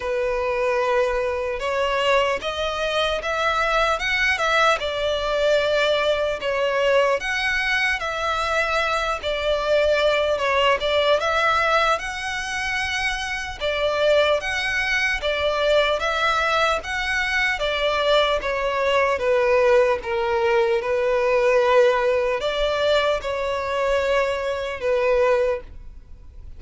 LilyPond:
\new Staff \with { instrumentName = "violin" } { \time 4/4 \tempo 4 = 75 b'2 cis''4 dis''4 | e''4 fis''8 e''8 d''2 | cis''4 fis''4 e''4. d''8~ | d''4 cis''8 d''8 e''4 fis''4~ |
fis''4 d''4 fis''4 d''4 | e''4 fis''4 d''4 cis''4 | b'4 ais'4 b'2 | d''4 cis''2 b'4 | }